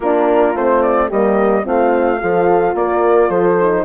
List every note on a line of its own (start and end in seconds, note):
0.00 0.54 A#3
0.00 0.55 D4
0.00 1.08 F4
0.00 0.56 A#4
0.54 1.09 A3
0.54 1.10 C4
0.54 0.81 C5
0.81 1.09 D5
1.08 1.66 G3
1.08 1.62 A#3
1.08 1.63 G4
1.08 1.66 D#5
1.62 2.21 A3
1.62 2.17 C4
1.62 2.20 F4
1.62 2.75 F5
2.19 2.74 F3
2.19 3.57 F4
2.19 2.75 A4
2.74 3.29 A#3
2.74 3.28 A#4
2.74 3.29 D5
3.28 3.84 F3
3.28 3.83 A4
3.28 3.85 C5
3.61 3.85 D#4